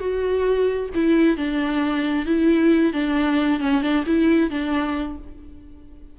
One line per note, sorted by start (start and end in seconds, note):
0.00 0.90 F#4
0.95 1.37 E4
1.37 2.26 D4
2.26 2.93 E4
2.93 3.60 D4
3.60 3.82 C#4
3.82 4.04 D4
4.06 4.51 E4
4.51 5.18 D4